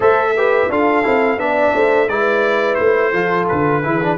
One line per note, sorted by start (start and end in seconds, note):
0.00 0.68 A3
0.00 0.34 A4
0.00 0.33 C5
0.00 0.71 E5
0.36 0.70 G4
0.36 0.70 B4
0.69 1.03 D4
0.69 1.03 F4
0.69 1.40 A4
0.69 1.39 F5
1.03 1.37 C4
1.03 1.38 E4
1.37 1.72 B3
1.37 2.08 D4
1.37 1.74 D5
1.37 2.08 E5
1.74 2.08 A3
1.74 2.09 C5
2.08 2.77 G#3
2.08 3.13 E4
2.08 3.11 B4
2.08 2.74 D5
2.74 3.12 A3
2.74 3.44 C5
3.11 3.47 F3
3.11 3.83 F4
3.11 3.81 A4
3.48 3.85 D3
3.48 4.17 B4
3.83 4.17 E3
3.83 4.00 E4
3.83 4.17 G#4
4.01 4.17 D4